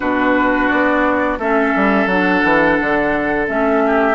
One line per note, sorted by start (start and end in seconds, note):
0.00 0.70 B2
0.00 1.39 D4
0.00 1.39 F#4
0.00 0.68 B4
0.68 1.38 B3
0.68 1.38 D5
1.38 1.73 A3
1.38 2.10 C#4
1.38 3.83 A4
1.38 2.07 E5
1.75 2.06 G3
2.06 2.41 F#3
2.06 3.47 D4
2.06 3.47 F#5
2.43 2.78 E3
2.80 3.49 D3
3.47 4.14 A3
3.47 4.14 C#4
3.47 4.14 E5
3.86 4.14 G4